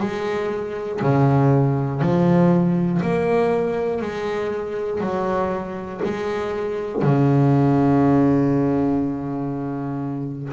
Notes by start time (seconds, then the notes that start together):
0.00 G#3
1.02 C#3
2.01 F3
3.02 A#3
4.01 G#3
5.00 F#3
6.04 G#3
7.02 C#3